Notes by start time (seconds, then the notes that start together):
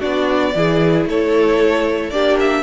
0.00 B3 D4 F#4 D5
0.55 E3 E4 G#4
1.06 A3 A4 C#5
2.11 A#3 D4 G4 D5
2.40 E5